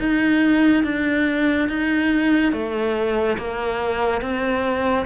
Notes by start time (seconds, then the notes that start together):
0.00 D#4
0.85 D4
1.69 D#4
2.53 A3
3.38 A#3
4.22 C4